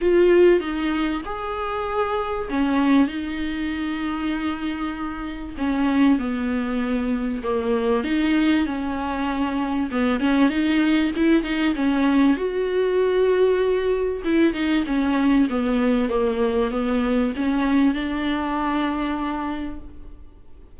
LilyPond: \new Staff \with { instrumentName = "viola" } { \time 4/4 \tempo 4 = 97 f'4 dis'4 gis'2 | cis'4 dis'2.~ | dis'4 cis'4 b2 | ais4 dis'4 cis'2 |
b8 cis'8 dis'4 e'8 dis'8 cis'4 | fis'2. e'8 dis'8 | cis'4 b4 ais4 b4 | cis'4 d'2. | }